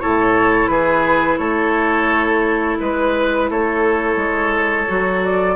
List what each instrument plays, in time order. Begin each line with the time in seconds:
0.00 bassoon A2, clarinet E4, oboe A4, flute C#5
0.67 bassoon E3, oboe G#4, flute B4
1.38 bassoon A3, oboe A4, flute C#5
2.80 bassoon G#3, flute B4, oboe B4
3.50 bassoon A3, oboe A4, flute C#5
4.17 bassoon G#3
4.88 bassoon F#3, clarinet F#4
5.24 flute D5